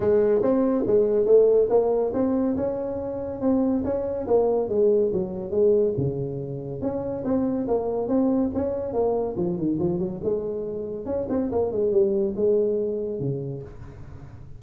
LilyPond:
\new Staff \with { instrumentName = "tuba" } { \time 4/4 \tempo 4 = 141 gis4 c'4 gis4 a4 | ais4 c'4 cis'2 | c'4 cis'4 ais4 gis4 | fis4 gis4 cis2 |
cis'4 c'4 ais4 c'4 | cis'4 ais4 f8 dis8 f8 fis8 | gis2 cis'8 c'8 ais8 gis8 | g4 gis2 cis4 | }